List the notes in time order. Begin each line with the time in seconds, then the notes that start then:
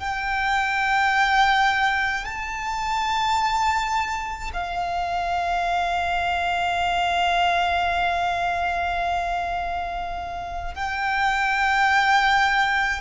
0.00 G5
2.25 A5
4.53 F5
10.75 G5